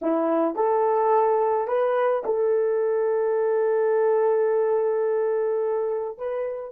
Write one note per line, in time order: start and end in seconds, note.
0.01 0.55 E4
0.55 1.67 A4
1.67 2.23 B4
2.25 6.17 A4
6.17 6.71 B4